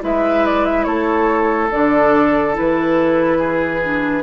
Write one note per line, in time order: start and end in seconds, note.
0.00 0.86 G#3
0.00 1.69 E4
0.00 0.86 B4
0.00 0.45 E5
0.45 0.65 D5
0.65 0.83 E5
0.83 1.70 A3
0.83 3.38 A4
0.83 1.68 C#5
1.71 2.58 D3
1.71 2.53 D4
1.71 2.55 D5
2.53 4.22 E3
2.53 3.80 E4
2.53 4.22 B4
3.38 4.22 G#4
3.83 4.22 D4